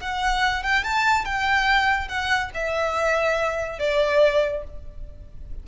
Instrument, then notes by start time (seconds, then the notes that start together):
violin
0.00 F#5
0.63 G5
0.84 A5
1.25 G5
2.08 F#5
2.54 E5
3.79 D5